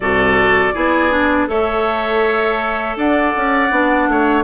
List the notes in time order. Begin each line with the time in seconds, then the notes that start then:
0.00 C2 F#4 A4 D5
0.74 B3 E4 G#4
1.11 D4
1.47 A3 A4 C#5 E5
2.96 D4 D5 F#5
3.36 C#4
3.71 B3 D4
4.07 A3 C#5